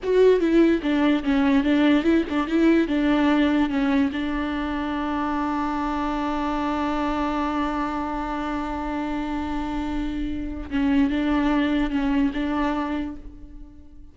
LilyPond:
\new Staff \with { instrumentName = "viola" } { \time 4/4 \tempo 4 = 146 fis'4 e'4 d'4 cis'4 | d'4 e'8 d'8 e'4 d'4~ | d'4 cis'4 d'2~ | d'1~ |
d'1~ | d'1~ | d'2 cis'4 d'4~ | d'4 cis'4 d'2 | }